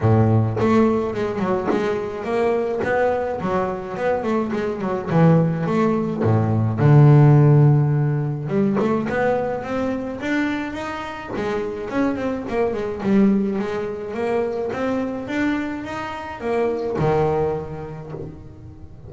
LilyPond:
\new Staff \with { instrumentName = "double bass" } { \time 4/4 \tempo 4 = 106 a,4 a4 gis8 fis8 gis4 | ais4 b4 fis4 b8 a8 | gis8 fis8 e4 a4 a,4 | d2. g8 a8 |
b4 c'4 d'4 dis'4 | gis4 cis'8 c'8 ais8 gis8 g4 | gis4 ais4 c'4 d'4 | dis'4 ais4 dis2 | }